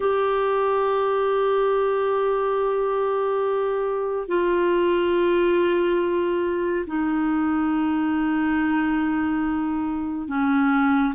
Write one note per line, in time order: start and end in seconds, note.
0.00 4.27 G4
4.27 6.85 F4
6.86 10.27 D#4
10.27 11.13 C#4